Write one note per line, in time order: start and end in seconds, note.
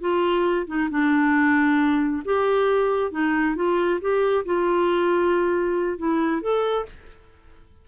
0.00 0.66 F4
0.67 0.89 D#4
0.90 2.23 D4
2.25 3.11 G4
3.11 3.55 D#4
3.56 4.00 F4
4.01 4.45 G4
4.45 5.98 F4
5.98 6.41 E4
6.41 6.85 A4